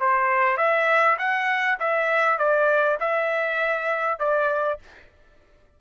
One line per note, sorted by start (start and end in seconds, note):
0.00 0.57 C5
0.57 1.17 E5
1.18 1.78 F#5
1.80 2.38 E5
2.38 2.98 D5
3.00 4.19 E5
4.19 4.79 D5